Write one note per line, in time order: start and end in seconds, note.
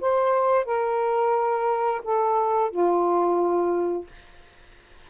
0.00 0.65 C5
0.65 2.01 A#4
2.03 2.70 A4
2.70 4.06 F4